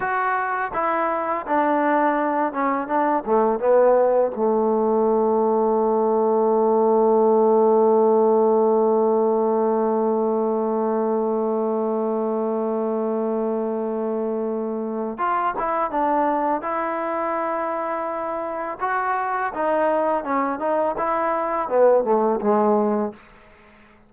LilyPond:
\new Staff \with { instrumentName = "trombone" } { \time 4/4 \tempo 4 = 83 fis'4 e'4 d'4. cis'8 | d'8 a8 b4 a2~ | a1~ | a1~ |
a1~ | a4 f'8 e'8 d'4 e'4~ | e'2 fis'4 dis'4 | cis'8 dis'8 e'4 b8 a8 gis4 | }